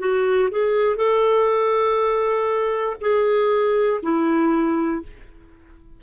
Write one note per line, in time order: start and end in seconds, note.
0.00 0.50 F#4
0.51 0.97 G#4
0.97 2.97 A4
3.01 4.01 G#4
4.03 5.03 E4